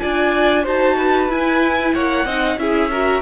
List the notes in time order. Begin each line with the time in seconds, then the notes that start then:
0.00 D4 F4 D5 G#5
0.64 D#4 F#4 C5 A5
0.98 B4
1.29 E4 G#5
1.94 A#3 C#5 F#5
2.25 C4 D#4 D#5
2.57 C#4 E4 G#4 E5
2.91 F#4 A#4